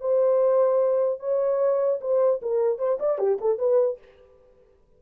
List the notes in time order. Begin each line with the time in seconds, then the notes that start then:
0.00 C5
1.19 C#5
2.01 C5
2.42 A#4
2.78 C5
2.99 D5
3.18 G4
3.41 A4
3.58 B4